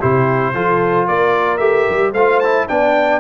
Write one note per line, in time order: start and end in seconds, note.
0.00 0.54 C3
0.00 0.55 E4
0.00 0.54 G4
0.00 1.08 C5
0.54 1.08 F3
0.54 1.59 F4
0.54 1.08 A4
1.08 1.59 A#3
1.08 2.12 A#4
1.08 1.58 D5
1.58 1.86 A3
1.58 2.13 G4
1.58 2.11 E5
1.90 2.13 G3
2.12 2.67 A3
2.12 2.44 F4
2.12 2.66 C5
2.12 2.40 F5
2.40 2.68 E4
2.40 2.67 A5
2.68 3.21 B3
2.68 3.21 D4
2.68 3.21 D5
2.68 3.21 G5